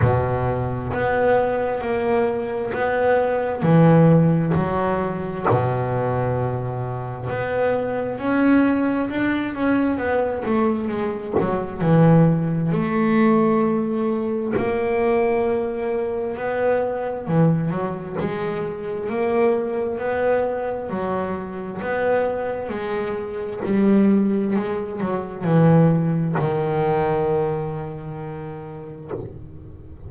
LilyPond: \new Staff \with { instrumentName = "double bass" } { \time 4/4 \tempo 4 = 66 b,4 b4 ais4 b4 | e4 fis4 b,2 | b4 cis'4 d'8 cis'8 b8 a8 | gis8 fis8 e4 a2 |
ais2 b4 e8 fis8 | gis4 ais4 b4 fis4 | b4 gis4 g4 gis8 fis8 | e4 dis2. | }